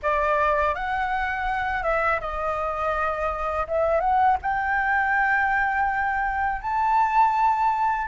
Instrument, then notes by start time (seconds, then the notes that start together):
flute
0.02 D5
0.74 F#5
1.83 E5
2.20 D#5
3.67 E5
4.00 F#5
4.42 G5
6.61 A5